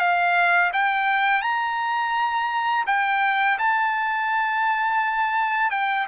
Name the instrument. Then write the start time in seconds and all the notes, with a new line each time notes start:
trumpet
0.00 F5
0.73 G5
1.42 A#5
2.87 G5
3.59 A5
5.71 G5